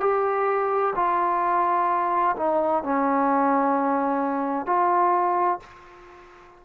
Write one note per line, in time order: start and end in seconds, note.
0.00 0.94 G4
0.95 2.36 F4
2.37 2.83 D#4
2.83 4.66 C#4
4.66 5.60 F4